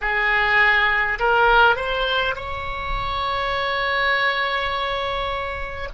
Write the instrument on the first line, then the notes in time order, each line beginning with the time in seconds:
oboe
0.01 G#4
1.19 A#4
1.75 C5
2.35 C#5